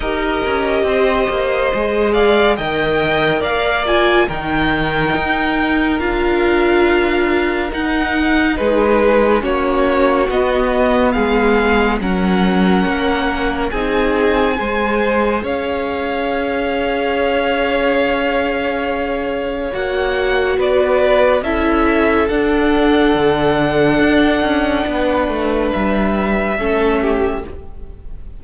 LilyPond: <<
  \new Staff \with { instrumentName = "violin" } { \time 4/4 \tempo 4 = 70 dis''2~ dis''8 f''8 g''4 | f''8 gis''8 g''2 f''4~ | f''4 fis''4 b'4 cis''4 | dis''4 f''4 fis''2 |
gis''2 f''2~ | f''2. fis''4 | d''4 e''4 fis''2~ | fis''2 e''2 | }
  \new Staff \with { instrumentName = "violin" } { \time 4/4 ais'4 c''4. d''8 dis''4 | d''4 ais'2.~ | ais'2 gis'4 fis'4~ | fis'4 gis'4 ais'2 |
gis'4 c''4 cis''2~ | cis''1 | b'4 a'2.~ | a'4 b'2 a'8 g'8 | }
  \new Staff \with { instrumentName = "viola" } { \time 4/4 g'2 gis'4 ais'4~ | ais'8 f'8 dis'2 f'4~ | f'4 dis'2 cis'4 | b2 cis'2 |
dis'4 gis'2.~ | gis'2. fis'4~ | fis'4 e'4 d'2~ | d'2. cis'4 | }
  \new Staff \with { instrumentName = "cello" } { \time 4/4 dis'8 cis'8 c'8 ais8 gis4 dis4 | ais4 dis4 dis'4 d'4~ | d'4 dis'4 gis4 ais4 | b4 gis4 fis4 ais4 |
c'4 gis4 cis'2~ | cis'2. ais4 | b4 cis'4 d'4 d4 | d'8 cis'8 b8 a8 g4 a4 | }
>>